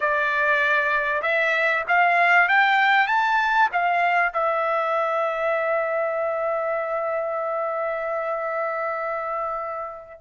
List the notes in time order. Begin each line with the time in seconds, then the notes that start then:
0.00 D5
1.22 E5
1.88 F5
2.48 G5
3.07 A5
3.72 F5
4.33 E5